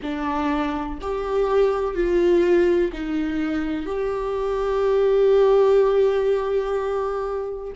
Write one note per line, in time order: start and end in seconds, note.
0.02 0.99 D4
1.01 1.94 G4
1.94 2.91 F4
2.93 3.86 D#4
3.86 7.73 G4